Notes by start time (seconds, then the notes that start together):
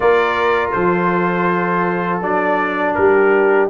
0.00 A#3 F4 A#4 D5
0.71 F3 A4 C5
2.21 F#3 D4 D5
2.94 G3 G4 A#4